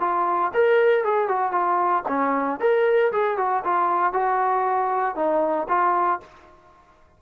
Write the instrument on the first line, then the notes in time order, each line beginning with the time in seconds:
trombone
0.00 F4
0.54 A#4
1.04 G#4
1.28 F#4
1.51 F4
2.08 C#4
2.60 A#4
3.12 G#4
3.37 F#4
3.64 F4
4.13 F#4
5.15 D#4
5.68 F4